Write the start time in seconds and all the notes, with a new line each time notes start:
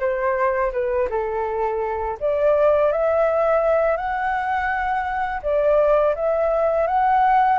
0.00 C5
0.73 B4
1.10 A4
2.20 D5
2.92 E5
3.97 F#5
5.43 D5
6.15 E5
6.87 F#5